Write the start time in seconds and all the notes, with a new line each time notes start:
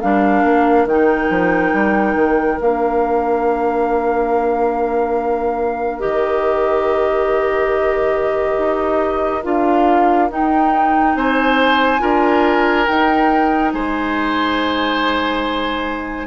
0.00 G3 D4 A#4 F5
0.44 A#3
0.86 D#3 D#4 G5
1.30 F3
1.73 G3
2.15 D#3
2.60 A#3 D4 F5
6.00 D#3 G4 D#5
8.58 D#4
9.44 D4 F4 F5
10.31 D#4 G5
11.16 C4 C5 G#5
12.00 D4 F4 A#4
12.87 D#4 G5
13.73 G#3 C5 G#5